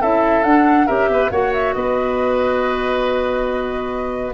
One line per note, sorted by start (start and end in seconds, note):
0.00 0.44 C#4
0.00 0.43 E4
0.00 0.86 A4
0.00 0.43 E5
0.43 0.87 D4
0.43 0.87 F#5
0.86 1.08 C#4
0.86 1.30 G4
0.86 1.08 A#4
0.86 1.30 E5
1.08 1.30 B3
1.08 1.31 B4
1.30 1.74 A#3
1.30 4.34 F#4
1.30 1.75 C#5
1.30 1.52 F#5
1.53 1.73 E5
1.73 4.34 B3
1.73 4.34 B4
1.73 4.34 D#5